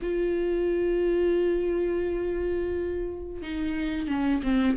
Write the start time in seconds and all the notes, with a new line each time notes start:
0.02 F4
3.42 D#4
4.07 C#4
4.43 C4